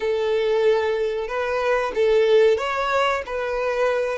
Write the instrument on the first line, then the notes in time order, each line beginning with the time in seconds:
violin
0.00 A4
1.27 B4
1.94 A4
2.57 C#5
3.26 B4